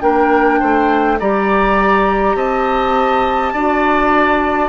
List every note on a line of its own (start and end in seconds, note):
0.00 0.60 A#3
0.00 1.18 D4
0.00 0.60 A#4
0.00 1.18 G5
0.60 1.21 A3
0.60 1.18 C5
1.19 2.35 G3
1.19 3.56 G4
1.19 2.36 D5
1.19 2.37 A#5
2.35 3.52 C4
2.35 3.53 D#5
2.35 4.69 A5
3.53 4.69 D4
3.53 4.69 F#4
3.53 4.69 D5